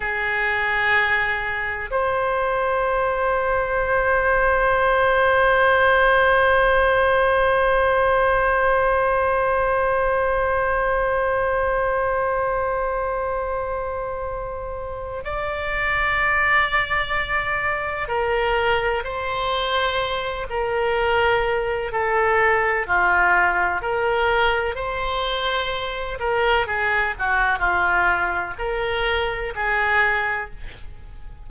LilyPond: \new Staff \with { instrumentName = "oboe" } { \time 4/4 \tempo 4 = 63 gis'2 c''2~ | c''1~ | c''1~ | c''1 |
d''2. ais'4 | c''4. ais'4. a'4 | f'4 ais'4 c''4. ais'8 | gis'8 fis'8 f'4 ais'4 gis'4 | }